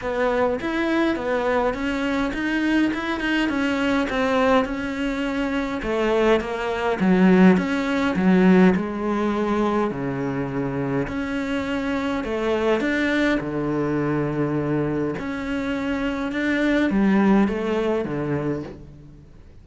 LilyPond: \new Staff \with { instrumentName = "cello" } { \time 4/4 \tempo 4 = 103 b4 e'4 b4 cis'4 | dis'4 e'8 dis'8 cis'4 c'4 | cis'2 a4 ais4 | fis4 cis'4 fis4 gis4~ |
gis4 cis2 cis'4~ | cis'4 a4 d'4 d4~ | d2 cis'2 | d'4 g4 a4 d4 | }